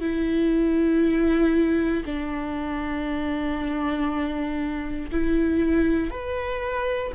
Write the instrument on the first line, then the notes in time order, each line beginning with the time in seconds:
viola
0.00 E4
2.06 D4
5.12 E4
6.11 B4